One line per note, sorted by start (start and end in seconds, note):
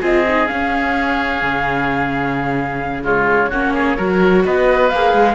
0.00 0.48 C4
0.00 0.24 F4
0.00 3.02 G#4
0.00 0.47 D#5
0.28 0.47 D#4
0.47 3.03 C#4
0.47 1.42 C#4
0.47 3.03 F5
1.42 3.51 C#3
3.03 3.50 G#3
3.03 3.49 F4
3.03 4.45 C#5
3.49 3.98 A#3
3.49 3.97 C#4
3.49 3.73 F#4
3.74 3.96 G#4
3.96 4.44 F#3
3.96 4.90 F#4
3.96 4.43 A#4
4.45 4.91 B3
4.45 5.34 B4
4.45 4.89 D#5
4.89 5.13 A#3
4.89 5.34 G#4
4.89 5.34 F5
5.13 5.34 G#3